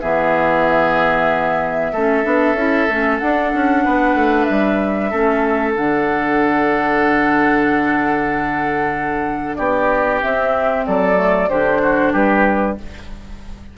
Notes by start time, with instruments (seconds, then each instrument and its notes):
0.00 bassoon E3, clarinet B3, oboe G#4, flute E5
1.92 bassoon A3, clarinet C#4, oboe A4
2.23 bassoon B3, clarinet D4
2.54 bassoon C#4, clarinet E4
2.88 bassoon A3, clarinet C#4
3.18 bassoon D4, clarinet D4, flute F#5
3.54 bassoon C#4
3.84 bassoon B3, oboe B4
4.14 bassoon A3
4.44 bassoon G3, flute E5
5.10 bassoon A3, clarinet C#4, oboe A4
5.76 bassoon D3, clarinet D4, flute F#5
9.56 bassoon B3, oboe G4, flute D5
10.21 clarinet C4, bassoon C4, flute E5
10.86 bassoon F#3, oboe A4, flute D5
11.15 clarinet A3
11.49 bassoon D3, clarinet D4, oboe G4, flute C5
11.82 oboe F#4
12.13 bassoon G3, oboe G4, flute B4